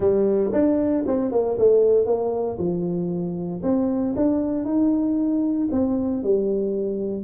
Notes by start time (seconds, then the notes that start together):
0.00 G3
0.52 D4
1.06 C4
1.31 A#3
1.58 A3
2.05 A#3
2.58 F3
3.62 C4
4.16 D4
4.65 D#4
5.71 C4
6.23 G3